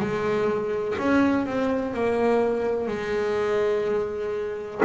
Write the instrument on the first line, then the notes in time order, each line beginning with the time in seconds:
double bass
0.00 G#3
0.99 C#4
1.46 C4
1.94 A#3
2.88 G#3